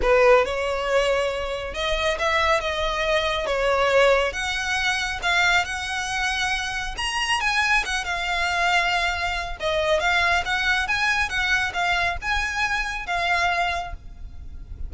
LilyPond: \new Staff \with { instrumentName = "violin" } { \time 4/4 \tempo 4 = 138 b'4 cis''2. | dis''4 e''4 dis''2 | cis''2 fis''2 | f''4 fis''2. |
ais''4 gis''4 fis''8 f''4.~ | f''2 dis''4 f''4 | fis''4 gis''4 fis''4 f''4 | gis''2 f''2 | }